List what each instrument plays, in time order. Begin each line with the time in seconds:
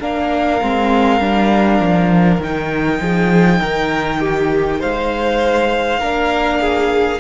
0.00 cello A#3, viola D4, violin A#4 F5
0.61 cello G#3, viola C4
1.20 cello G3, viola D4
1.80 cello F3
2.39 cello D#3, viola D#4, violin G5
3.00 cello F3, violin G#4
3.60 cello D#3, violin A#4
4.20 violin G4
4.80 cello G#3, violin C5 F5
6.00 cello A#3, viola D4, violin A#4
6.60 violin G#4